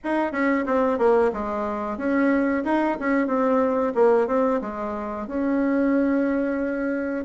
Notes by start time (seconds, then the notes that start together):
0.03 D#4
0.31 C#4
0.66 C4
0.98 A#3
1.32 G#3
1.97 C#4
2.64 D#4
2.99 C#4
3.27 C4
3.94 A#3
4.27 C4
4.61 G#3
5.27 C#4